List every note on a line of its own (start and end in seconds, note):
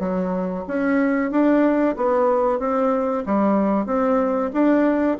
0.00 0.65 F#3
0.68 1.31 C#4
1.31 1.96 D4
1.97 2.59 B3
2.59 3.24 C4
3.26 3.87 G3
3.87 4.51 C4
4.53 5.18 D4